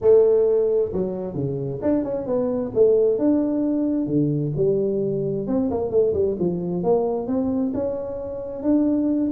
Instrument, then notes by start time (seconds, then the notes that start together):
tuba
0.01 A3
0.92 F#3
1.34 C#3
1.81 D4
2.04 C#4
2.26 B3
2.74 A3
3.18 D4
4.07 D3
4.56 G3
5.47 C4
5.70 A#3
5.90 A3
6.13 G3
6.39 F3
6.83 A#3
7.27 C4
7.74 C#4
8.62 D4